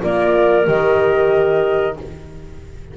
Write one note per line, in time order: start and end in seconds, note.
0.00 0.67 A#3
0.00 0.65 F4
0.00 1.97 A#4
0.00 0.67 D5
0.66 1.97 D#3
0.66 1.95 G4
0.66 1.97 D#5